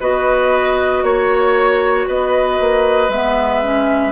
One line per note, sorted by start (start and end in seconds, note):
0.00 1.03 B3
0.00 3.10 F#4
0.00 1.04 B4
0.00 1.05 D#5
1.03 2.07 A#3
1.03 2.08 C#5
2.08 2.60 B3
2.08 4.12 B4
2.08 3.10 D#5
2.61 3.09 A#3
3.09 4.12 G#3
3.09 3.63 B3
3.09 4.12 E5
3.63 4.12 C#4